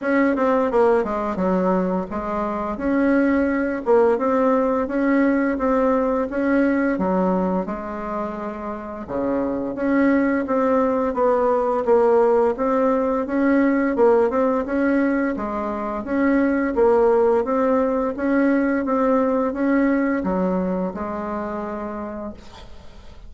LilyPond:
\new Staff \with { instrumentName = "bassoon" } { \time 4/4 \tempo 4 = 86 cis'8 c'8 ais8 gis8 fis4 gis4 | cis'4. ais8 c'4 cis'4 | c'4 cis'4 fis4 gis4~ | gis4 cis4 cis'4 c'4 |
b4 ais4 c'4 cis'4 | ais8 c'8 cis'4 gis4 cis'4 | ais4 c'4 cis'4 c'4 | cis'4 fis4 gis2 | }